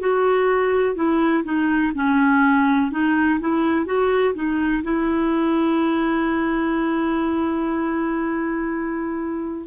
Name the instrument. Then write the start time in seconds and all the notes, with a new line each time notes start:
clarinet
0.00 F#4
0.95 E4
1.44 D#4
1.95 C#4
2.91 D#4
3.40 E4
3.86 F#4
4.35 D#4
4.83 E4